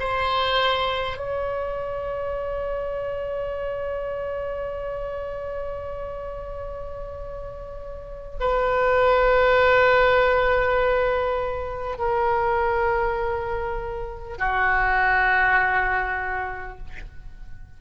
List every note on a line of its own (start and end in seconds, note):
0.00 1.18 C5
1.18 8.38 C#5
8.41 11.98 B4
11.98 14.38 A#4
14.39 16.79 F#4